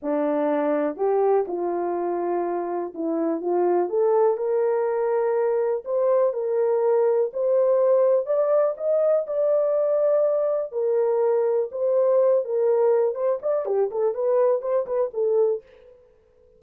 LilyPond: \new Staff \with { instrumentName = "horn" } { \time 4/4 \tempo 4 = 123 d'2 g'4 f'4~ | f'2 e'4 f'4 | a'4 ais'2. | c''4 ais'2 c''4~ |
c''4 d''4 dis''4 d''4~ | d''2 ais'2 | c''4. ais'4. c''8 d''8 | g'8 a'8 b'4 c''8 b'8 a'4 | }